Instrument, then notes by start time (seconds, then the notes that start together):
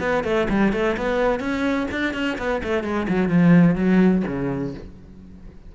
cello
0.00 B3
0.24 A3
0.49 G3
0.73 A3
0.97 B3
1.40 C#4
1.91 D4
2.14 C#4
2.38 B3
2.63 A3
2.84 G#3
3.09 F#3
3.29 F3
3.76 F#3
4.27 C#3